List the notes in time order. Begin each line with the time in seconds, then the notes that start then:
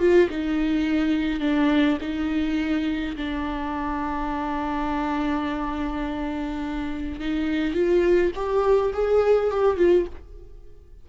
0.00 F4
0.30 D#4
1.41 D4
2.01 D#4
3.17 D4
7.21 D#4
7.75 F4
8.36 G4
8.94 G#4
9.51 G4
9.77 F4